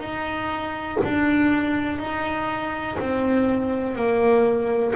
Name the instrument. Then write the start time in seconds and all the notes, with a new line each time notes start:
double bass
0.00 D#4
1.04 D4
1.99 D#4
2.99 C4
3.96 A#3